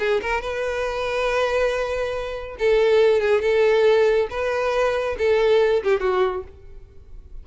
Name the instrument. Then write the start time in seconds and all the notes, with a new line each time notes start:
violin
0.00 G#4
0.22 A#4
0.41 B4
2.59 A4
3.21 G#4
3.42 A4
4.30 B4
5.19 A4
5.84 G4
6.01 F#4